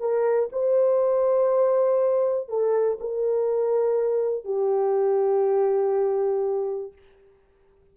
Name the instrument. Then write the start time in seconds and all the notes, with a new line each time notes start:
horn
0.00 A#4
0.52 C5
2.49 A4
3.00 A#4
4.45 G4